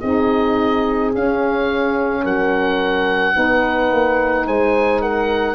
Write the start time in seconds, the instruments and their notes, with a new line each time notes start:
0.00 tuba C4, saxophone D#4, horn G#4, oboe D#5
1.14 saxophone C#4, tuba C#4, oboe F5
2.24 tuba F#3, horn A#4, oboe F#5
3.33 tuba B3, saxophone D#4, horn B4
3.92 tuba A#3
4.47 tuba G#3, horn C5, oboe G#5
5.01 horn A#4, oboe F#5